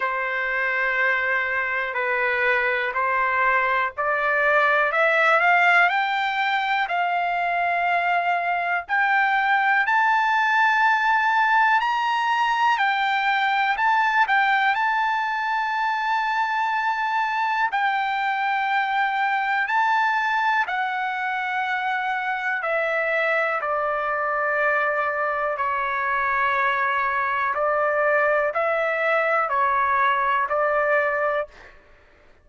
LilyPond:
\new Staff \with { instrumentName = "trumpet" } { \time 4/4 \tempo 4 = 61 c''2 b'4 c''4 | d''4 e''8 f''8 g''4 f''4~ | f''4 g''4 a''2 | ais''4 g''4 a''8 g''8 a''4~ |
a''2 g''2 | a''4 fis''2 e''4 | d''2 cis''2 | d''4 e''4 cis''4 d''4 | }